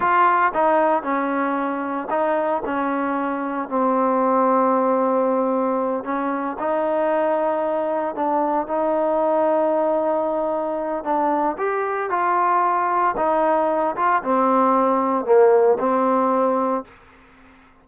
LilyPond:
\new Staff \with { instrumentName = "trombone" } { \time 4/4 \tempo 4 = 114 f'4 dis'4 cis'2 | dis'4 cis'2 c'4~ | c'2.~ c'8 cis'8~ | cis'8 dis'2. d'8~ |
d'8 dis'2.~ dis'8~ | dis'4 d'4 g'4 f'4~ | f'4 dis'4. f'8 c'4~ | c'4 ais4 c'2 | }